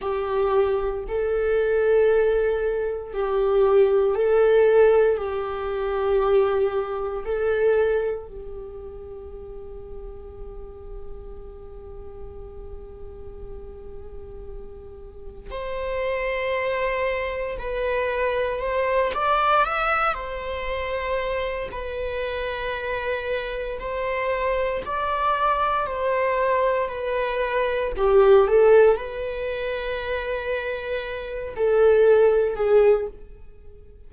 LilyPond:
\new Staff \with { instrumentName = "viola" } { \time 4/4 \tempo 4 = 58 g'4 a'2 g'4 | a'4 g'2 a'4 | g'1~ | g'2. c''4~ |
c''4 b'4 c''8 d''8 e''8 c''8~ | c''4 b'2 c''4 | d''4 c''4 b'4 g'8 a'8 | b'2~ b'8 a'4 gis'8 | }